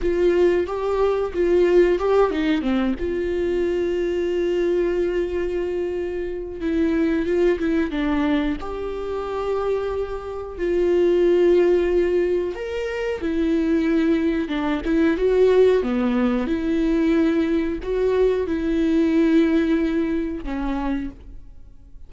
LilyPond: \new Staff \with { instrumentName = "viola" } { \time 4/4 \tempo 4 = 91 f'4 g'4 f'4 g'8 dis'8 | c'8 f'2.~ f'8~ | f'2 e'4 f'8 e'8 | d'4 g'2. |
f'2. ais'4 | e'2 d'8 e'8 fis'4 | b4 e'2 fis'4 | e'2. cis'4 | }